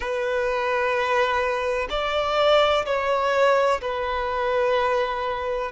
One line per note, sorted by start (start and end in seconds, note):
0.00 1.87 B4
1.90 2.85 D5
2.85 3.81 C#5
3.81 5.71 B4